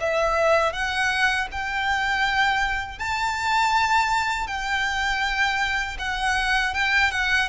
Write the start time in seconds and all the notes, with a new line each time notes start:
0.00 E5
0.73 F#5
1.51 G5
2.99 A5
4.47 G5
5.99 F#5
6.74 G5
7.11 F#5